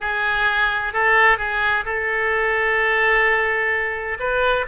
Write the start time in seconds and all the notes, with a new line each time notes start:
0.00 G#4
0.93 A4
1.37 G#4
1.85 A4
4.19 B4